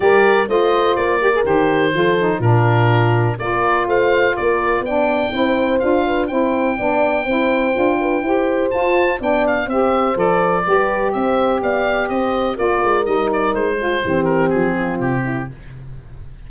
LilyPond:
<<
  \new Staff \with { instrumentName = "oboe" } { \time 4/4 \tempo 4 = 124 d''4 dis''4 d''4 c''4~ | c''4 ais'2 d''4 | f''4 d''4 g''2 | f''4 g''2.~ |
g''2 a''4 g''8 f''8 | e''4 d''2 e''4 | f''4 dis''4 d''4 dis''8 d''8 | c''4. ais'8 gis'4 g'4 | }
  \new Staff \with { instrumentName = "horn" } { \time 4/4 ais'4 c''4. ais'4. | a'4 f'2 ais'4 | c''4 ais'4 d''4 c''4~ | c''8 b'8 c''4 d''4 c''4~ |
c''8 b'8 c''2 d''4 | c''2 b'4 c''4 | d''4 c''4 ais'2~ | ais'8 gis'8 g'4. f'4 e'8 | }
  \new Staff \with { instrumentName = "saxophone" } { \time 4/4 g'4 f'4. g'16 gis'16 g'4 | f'8 dis'8 d'2 f'4~ | f'2 d'4 e'4 | f'4 e'4 d'4 e'4 |
f'4 g'4 f'4 d'4 | g'4 a'4 g'2~ | g'2 f'4 dis'4~ | dis'8 f'8 c'2. | }
  \new Staff \with { instrumentName = "tuba" } { \time 4/4 g4 a4 ais4 dis4 | f4 ais,2 ais4 | a4 ais4 b4 c'4 | d'4 c'4 b4 c'4 |
d'4 e'4 f'4 b4 | c'4 f4 g4 c'4 | b4 c'4 ais8 gis8 g4 | gis4 e4 f4 c4 | }
>>